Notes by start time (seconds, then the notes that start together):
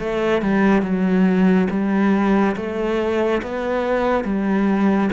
0.00 A3
0.42 G3
0.83 F#3
1.71 G3
2.56 A3
3.43 B3
4.25 G3